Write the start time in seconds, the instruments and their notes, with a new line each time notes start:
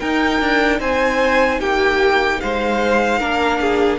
0.00 cello D#4, viola D#4, violin A#4 G5
0.41 cello D4
0.80 cello C4, violin C5 G#5
1.60 cello A#3, violin G4 G5
2.41 cello G#3, violin C5 F5
3.20 cello A#3, viola D4, violin A#4
3.61 violin G#4